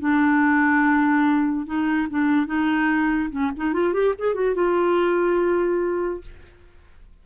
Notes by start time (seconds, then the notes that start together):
0.00 D4
1.66 D#4
2.10 D4
2.47 D#4
3.31 C#4
3.57 D#4
3.74 F4
3.94 G4
4.19 G#4
4.35 F#4
4.55 F4